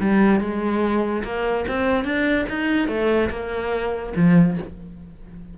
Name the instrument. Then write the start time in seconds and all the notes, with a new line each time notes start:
cello
0.00 G3
0.40 G#3
1.24 A#3
1.68 C4
2.04 D4
2.49 D#4
2.88 A3
3.30 A#3
4.16 F3